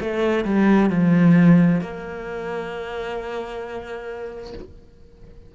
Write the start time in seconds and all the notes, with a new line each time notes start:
0.00 A3
0.44 G3
0.90 F3
1.81 A#3